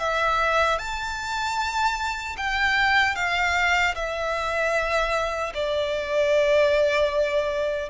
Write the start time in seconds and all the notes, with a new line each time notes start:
0.00 E5
0.79 A5
2.38 G5
3.16 F5
3.95 E5
5.55 D5